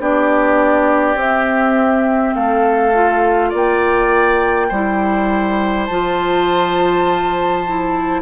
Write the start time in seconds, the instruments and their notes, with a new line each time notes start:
0.00 bassoon B3, clarinet D4, oboe G4, flute D5
1.15 bassoon C4, clarinet C4, flute E5
2.34 bassoon A3, oboe A4, flute F5
2.94 clarinet F4
3.50 bassoon A#3, oboe D5
3.56 flute G5
4.69 bassoon G3, clarinet E4, oboe C5
5.86 bassoon F3, clarinet F4, flute A5
7.66 clarinet E4